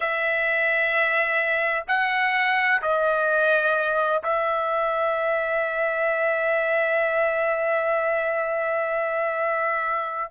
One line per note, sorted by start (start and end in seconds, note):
0.00 1.84 E5
1.87 2.81 F#5
2.82 4.22 D#5
4.23 10.30 E5